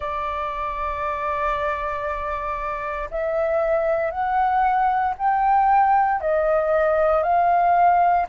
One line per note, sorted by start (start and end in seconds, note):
0.00 3.09 D5
3.10 4.11 E5
4.11 5.14 F#5
5.17 6.21 G5
6.21 7.22 D#5
7.22 8.26 F5